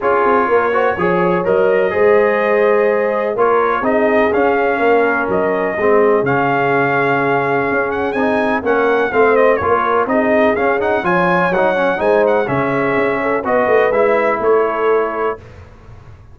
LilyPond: <<
  \new Staff \with { instrumentName = "trumpet" } { \time 4/4 \tempo 4 = 125 cis''2. dis''4~ | dis''2. cis''4 | dis''4 f''2 dis''4~ | dis''4 f''2.~ |
f''8 fis''8 gis''4 fis''4 f''8 dis''8 | cis''4 dis''4 f''8 fis''8 gis''4 | fis''4 gis''8 fis''8 e''2 | dis''4 e''4 cis''2 | }
  \new Staff \with { instrumentName = "horn" } { \time 4/4 gis'4 ais'8 c''8 cis''2 | c''2. ais'4 | gis'2 ais'2 | gis'1~ |
gis'2 ais'4 c''4 | ais'4 gis'2 cis''4~ | cis''4 c''4 gis'4. a'8 | b'2 a'2 | }
  \new Staff \with { instrumentName = "trombone" } { \time 4/4 f'4. fis'8 gis'4 ais'4 | gis'2. f'4 | dis'4 cis'2. | c'4 cis'2.~ |
cis'4 dis'4 cis'4 c'4 | f'4 dis'4 cis'8 dis'8 f'4 | dis'8 cis'8 dis'4 cis'2 | fis'4 e'2. | }
  \new Staff \with { instrumentName = "tuba" } { \time 4/4 cis'8 c'8 ais4 f4 fis4 | gis2. ais4 | c'4 cis'4 ais4 fis4 | gis4 cis2. |
cis'4 c'4 ais4 a4 | ais4 c'4 cis'4 f4 | fis4 gis4 cis4 cis'4 | b8 a8 gis4 a2 | }
>>